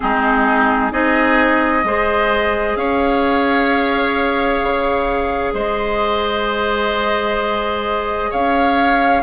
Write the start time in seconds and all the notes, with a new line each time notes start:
0.00 G#3 C4 D#4 G#4
0.91 C4 D#4 G#4 D#5
1.84 G#3 G#4 C5
2.76 C#4 C#5 F5
4.62 C#3
5.53 G#3 C5 D#5
8.30 C#4 C#5 F5